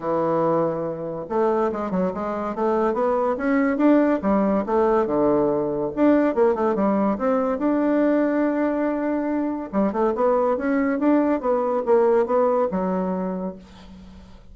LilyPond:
\new Staff \with { instrumentName = "bassoon" } { \time 4/4 \tempo 4 = 142 e2. a4 | gis8 fis8 gis4 a4 b4 | cis'4 d'4 g4 a4 | d2 d'4 ais8 a8 |
g4 c'4 d'2~ | d'2. g8 a8 | b4 cis'4 d'4 b4 | ais4 b4 fis2 | }